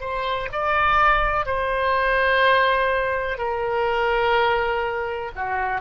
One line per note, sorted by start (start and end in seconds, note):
0.00 0.48 C5
0.52 1.46 D5
1.46 3.37 C5
3.37 5.31 A#4
5.35 5.81 F#4